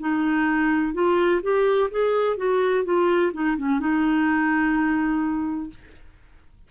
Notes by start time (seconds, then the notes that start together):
0.00 D#4
0.94 F4
1.43 G4
1.91 G#4
2.37 F#4
2.85 F4
3.34 D#4
3.58 C#4
3.80 D#4